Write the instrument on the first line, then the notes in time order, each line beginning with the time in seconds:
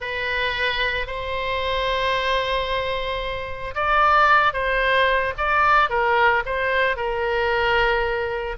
oboe
0.00 B4
1.06 C5
3.74 D5
4.53 C5
5.37 D5
5.89 A#4
6.45 C5
6.96 A#4